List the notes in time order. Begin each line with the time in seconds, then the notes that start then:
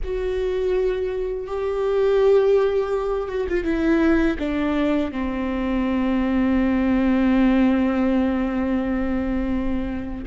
0.04 F#4
1.47 G4
3.29 F#4
3.49 F4
3.64 E4
4.38 D4
5.11 C4